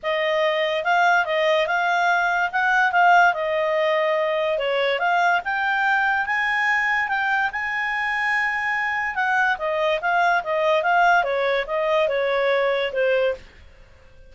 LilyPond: \new Staff \with { instrumentName = "clarinet" } { \time 4/4 \tempo 4 = 144 dis''2 f''4 dis''4 | f''2 fis''4 f''4 | dis''2. cis''4 | f''4 g''2 gis''4~ |
gis''4 g''4 gis''2~ | gis''2 fis''4 dis''4 | f''4 dis''4 f''4 cis''4 | dis''4 cis''2 c''4 | }